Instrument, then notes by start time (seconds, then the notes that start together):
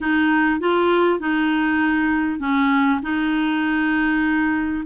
clarinet
0.01 D#4
0.60 F4
1.19 D#4
2.39 C#4
3.02 D#4